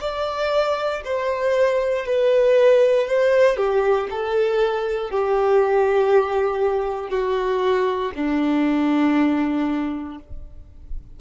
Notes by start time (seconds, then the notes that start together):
0.00 D5
1.04 C5
2.06 B4
3.07 C5
3.57 G4
4.10 A4
5.10 G4
7.10 F#4
8.15 D4